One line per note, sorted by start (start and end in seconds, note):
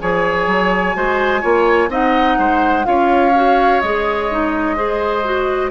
0.00 0.47 F3
0.00 0.94 G#4
0.00 0.96 C#5
0.00 1.90 G#5
0.47 0.94 F#3
0.94 1.43 G#3
0.94 1.41 F#4
0.94 1.41 C5
1.41 1.89 A#3
1.41 1.89 F4
1.41 1.89 C#5
1.89 2.37 C4
1.89 2.84 D#4
1.89 2.38 D#5
1.89 2.86 F#5
2.38 2.86 G#3
2.38 2.86 C5
2.84 3.82 C#4
2.84 3.32 F4
2.84 4.77 C#5
2.84 3.81 F5
3.35 3.82 F#4
3.81 5.71 G#3
3.81 4.31 G#4
3.81 5.71 D#5
4.31 4.76 D#4
4.76 5.23 G#4
4.76 5.71 C5
5.24 5.71 F#4